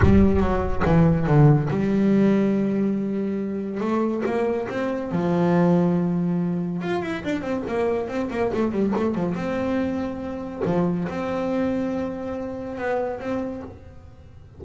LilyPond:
\new Staff \with { instrumentName = "double bass" } { \time 4/4 \tempo 4 = 141 g4 fis4 e4 d4 | g1~ | g4 a4 ais4 c'4 | f1 |
f'8 e'8 d'8 c'8 ais4 c'8 ais8 | a8 g8 a8 f8 c'2~ | c'4 f4 c'2~ | c'2 b4 c'4 | }